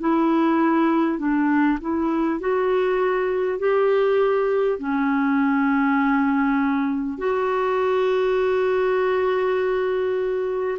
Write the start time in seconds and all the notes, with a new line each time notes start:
0.00 E4
1.18 D4
1.80 E4
2.40 F#4
3.58 G4
4.78 C#4
7.17 F#4